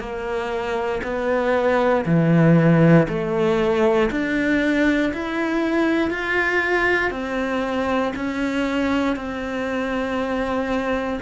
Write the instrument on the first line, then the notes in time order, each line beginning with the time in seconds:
cello
0.00 A#3
1.04 B3
2.06 E3
3.09 A3
4.11 D4
5.14 E4
6.11 F4
7.11 C4
8.16 C#4
9.17 C4